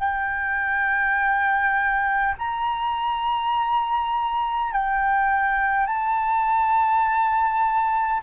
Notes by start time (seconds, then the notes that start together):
0.00 G5
2.39 A#5
4.73 G5
5.87 A5